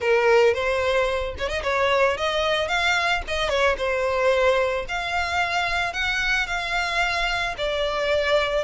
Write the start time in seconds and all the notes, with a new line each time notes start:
0.00 A#4
0.54 C5
1.38 C#5
1.48 D#5
1.63 C#5
2.17 D#5
2.68 F5
3.27 D#5
3.49 C#5
3.77 C5
4.88 F5
5.93 F#5
6.46 F5
7.57 D5